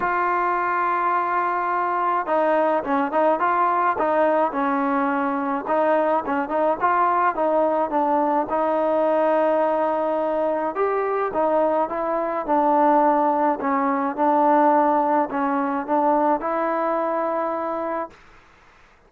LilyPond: \new Staff \with { instrumentName = "trombone" } { \time 4/4 \tempo 4 = 106 f'1 | dis'4 cis'8 dis'8 f'4 dis'4 | cis'2 dis'4 cis'8 dis'8 | f'4 dis'4 d'4 dis'4~ |
dis'2. g'4 | dis'4 e'4 d'2 | cis'4 d'2 cis'4 | d'4 e'2. | }